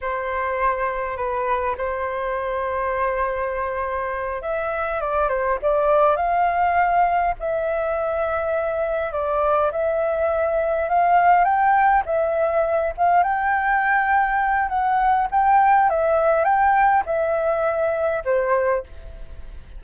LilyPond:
\new Staff \with { instrumentName = "flute" } { \time 4/4 \tempo 4 = 102 c''2 b'4 c''4~ | c''2.~ c''8 e''8~ | e''8 d''8 c''8 d''4 f''4.~ | f''8 e''2. d''8~ |
d''8 e''2 f''4 g''8~ | g''8 e''4. f''8 g''4.~ | g''4 fis''4 g''4 e''4 | g''4 e''2 c''4 | }